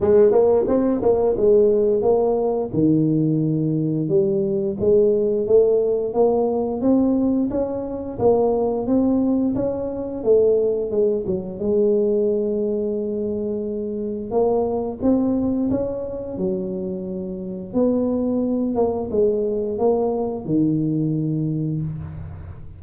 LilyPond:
\new Staff \with { instrumentName = "tuba" } { \time 4/4 \tempo 4 = 88 gis8 ais8 c'8 ais8 gis4 ais4 | dis2 g4 gis4 | a4 ais4 c'4 cis'4 | ais4 c'4 cis'4 a4 |
gis8 fis8 gis2.~ | gis4 ais4 c'4 cis'4 | fis2 b4. ais8 | gis4 ais4 dis2 | }